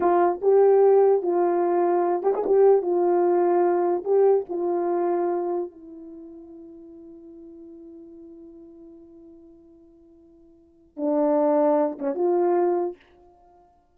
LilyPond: \new Staff \with { instrumentName = "horn" } { \time 4/4 \tempo 4 = 148 f'4 g'2 f'4~ | f'4. g'16 gis'16 g'4 f'4~ | f'2 g'4 f'4~ | f'2 e'2~ |
e'1~ | e'1~ | e'2. d'4~ | d'4. cis'8 f'2 | }